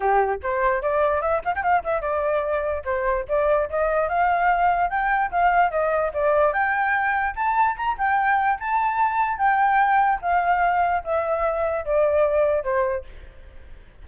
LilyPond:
\new Staff \with { instrumentName = "flute" } { \time 4/4 \tempo 4 = 147 g'4 c''4 d''4 e''8 f''16 g''16 | f''8 e''8 d''2 c''4 | d''4 dis''4 f''2 | g''4 f''4 dis''4 d''4 |
g''2 a''4 ais''8 g''8~ | g''4 a''2 g''4~ | g''4 f''2 e''4~ | e''4 d''2 c''4 | }